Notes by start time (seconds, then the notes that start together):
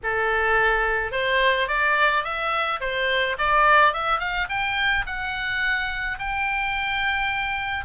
0.03 A4
1.11 C5
1.68 D5
2.24 E5
2.80 C5
3.38 D5
3.93 E5
4.19 F5
4.49 G5
5.06 F#5
6.18 G5